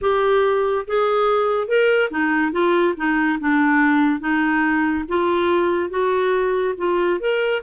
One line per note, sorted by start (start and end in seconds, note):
0.01 0.85 G4
0.87 1.67 G#4
1.67 2.09 A#4
2.10 2.52 D#4
2.52 2.94 F4
2.96 3.39 D#4
3.40 4.19 D4
4.19 5.04 D#4
5.08 5.89 F4
5.89 6.74 F#4
6.77 7.19 F4
7.20 7.62 A#4